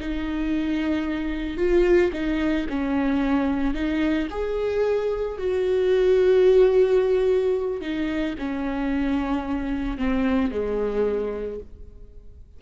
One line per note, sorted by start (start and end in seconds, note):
0.00 1.57 D#4
1.57 2.12 F4
2.13 2.67 D#4
2.69 3.74 C#4
3.74 4.28 D#4
4.30 5.38 G#4
5.38 7.81 F#4
7.81 8.35 D#4
8.39 9.98 C#4
9.98 10.51 C4
10.51 11.59 G#3